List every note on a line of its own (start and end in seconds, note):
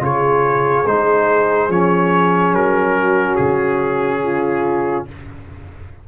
0.00 0.85 C#3
0.00 0.85 F4
0.00 2.96 G#4
0.00 0.87 C#5
0.87 1.69 G#3
0.87 1.70 D#4
0.87 1.71 C5
1.69 2.53 F3
1.69 5.08 C#4
1.69 2.54 C#5
2.53 3.38 F#3
2.53 3.36 A#4
2.96 4.23 F#4
3.36 5.08 C#3
3.36 5.05 G#4
4.23 5.07 F4